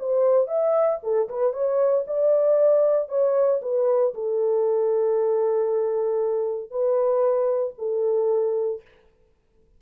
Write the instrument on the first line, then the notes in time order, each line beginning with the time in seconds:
horn
0.00 C5
0.48 E5
1.03 A4
1.29 B4
1.54 C#5
2.08 D5
3.09 C#5
3.63 B4
4.15 A4
6.71 B4
7.78 A4